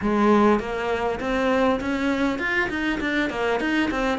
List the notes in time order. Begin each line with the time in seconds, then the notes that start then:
0.01 G#3
0.59 A#3
1.20 C4
1.80 C#4
2.38 F4
2.69 D#4
3.00 D4
3.30 A#3
3.60 D#4
3.91 C4